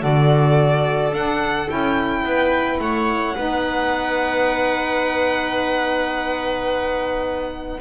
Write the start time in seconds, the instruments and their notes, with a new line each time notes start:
0.00 double bass D3, saxophone F#4, viola A4, violin D5
1.12 double bass D4, saxophone D4, violin F#5
1.68 double bass C#4, saxophone E4, violin G5
2.24 double bass B3, viola B4
2.80 double bass A3, viola C#5, violin F#5
3.35 double bass B3, saxophone D#4, viola B4